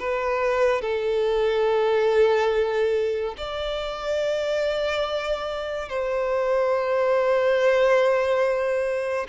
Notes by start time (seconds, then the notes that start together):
0.00 B4
0.82 A4
3.38 D5
5.90 C5